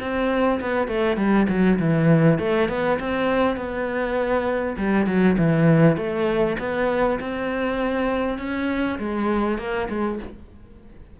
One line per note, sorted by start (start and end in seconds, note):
0.00 0.60 C4
0.60 0.88 B3
0.88 1.17 A3
1.17 1.47 G3
1.49 1.79 F#3
1.79 2.39 E3
2.39 2.69 A3
2.69 2.99 B3
3.00 3.56 C4
3.56 4.76 B3
4.77 5.06 G3
5.06 5.36 F#3
5.38 5.97 E3
5.97 6.57 A3
6.59 7.19 B3
7.20 8.38 C4
8.38 8.98 C#4
8.99 9.58 G#3
9.58 9.88 A#3
9.89 10.19 G#3